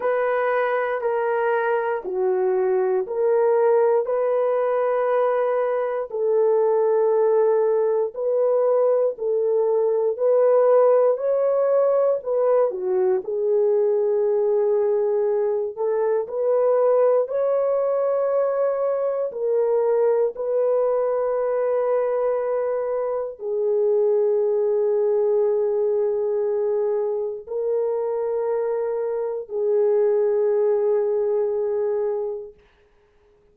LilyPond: \new Staff \with { instrumentName = "horn" } { \time 4/4 \tempo 4 = 59 b'4 ais'4 fis'4 ais'4 | b'2 a'2 | b'4 a'4 b'4 cis''4 | b'8 fis'8 gis'2~ gis'8 a'8 |
b'4 cis''2 ais'4 | b'2. gis'4~ | gis'2. ais'4~ | ais'4 gis'2. | }